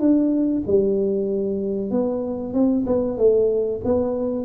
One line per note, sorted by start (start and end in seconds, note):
0.00 0.63 D4
0.67 1.91 G3
1.91 2.54 B3
2.54 2.86 C4
2.87 3.18 B3
3.18 3.81 A3
3.85 4.46 B3